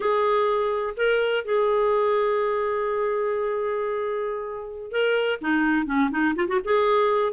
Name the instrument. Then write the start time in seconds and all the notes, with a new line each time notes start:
clarinet
0.00 G#4
0.96 A#4
1.44 G#4
4.91 A#4
5.41 D#4
5.86 C#4
6.10 D#4
6.35 F4
6.48 F#4
6.64 G#4